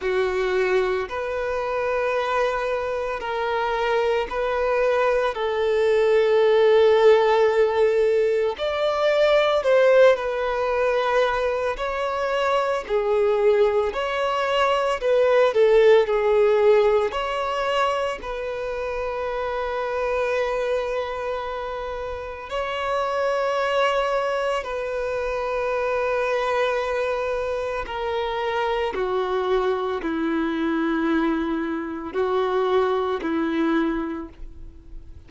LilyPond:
\new Staff \with { instrumentName = "violin" } { \time 4/4 \tempo 4 = 56 fis'4 b'2 ais'4 | b'4 a'2. | d''4 c''8 b'4. cis''4 | gis'4 cis''4 b'8 a'8 gis'4 |
cis''4 b'2.~ | b'4 cis''2 b'4~ | b'2 ais'4 fis'4 | e'2 fis'4 e'4 | }